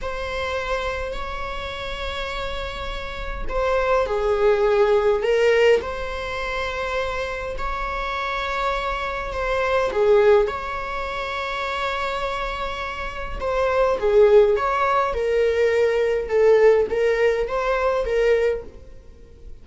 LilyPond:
\new Staff \with { instrumentName = "viola" } { \time 4/4 \tempo 4 = 103 c''2 cis''2~ | cis''2 c''4 gis'4~ | gis'4 ais'4 c''2~ | c''4 cis''2. |
c''4 gis'4 cis''2~ | cis''2. c''4 | gis'4 cis''4 ais'2 | a'4 ais'4 c''4 ais'4 | }